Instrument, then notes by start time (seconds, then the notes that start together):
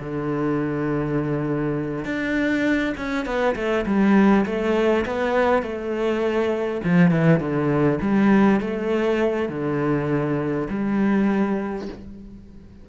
cello
0.00 D3
2.05 D4
2.98 C#4
3.26 B3
3.56 A3
3.86 G3
4.46 A3
5.06 B3
5.63 A3
6.85 F3
7.11 E3
7.40 D3
8.02 G3
8.61 A3
9.49 D3
10.70 G3